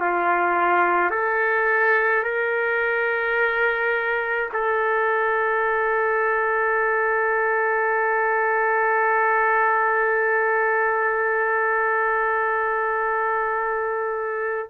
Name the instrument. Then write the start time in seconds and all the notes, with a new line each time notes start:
trumpet
0.00 F4
1.11 A4
2.23 A#4
4.53 A4